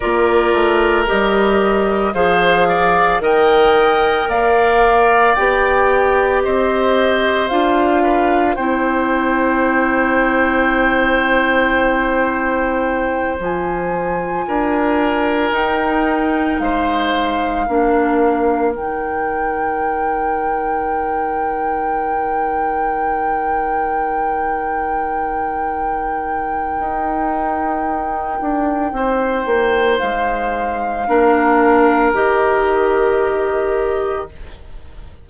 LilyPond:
<<
  \new Staff \with { instrumentName = "flute" } { \time 4/4 \tempo 4 = 56 d''4 dis''4 f''4 g''4 | f''4 g''4 dis''4 f''4 | g''1~ | g''8 gis''2 g''4 f''8~ |
f''4. g''2~ g''8~ | g''1~ | g''1 | f''2 dis''2 | }
  \new Staff \with { instrumentName = "oboe" } { \time 4/4 ais'2 c''8 d''8 dis''4 | d''2 c''4. b'8 | c''1~ | c''4. ais'2 c''8~ |
c''8 ais'2.~ ais'8~ | ais'1~ | ais'2. c''4~ | c''4 ais'2. | }
  \new Staff \with { instrumentName = "clarinet" } { \time 4/4 f'4 g'4 gis'4 ais'4~ | ais'4 g'2 f'4 | e'1~ | e'8 f'2 dis'4.~ |
dis'8 d'4 dis'2~ dis'8~ | dis'1~ | dis'1~ | dis'4 d'4 g'2 | }
  \new Staff \with { instrumentName = "bassoon" } { \time 4/4 ais8 a8 g4 f4 dis4 | ais4 b4 c'4 d'4 | c'1~ | c'8 f4 d'4 dis'4 gis8~ |
gis8 ais4 dis2~ dis8~ | dis1~ | dis4 dis'4. d'8 c'8 ais8 | gis4 ais4 dis2 | }
>>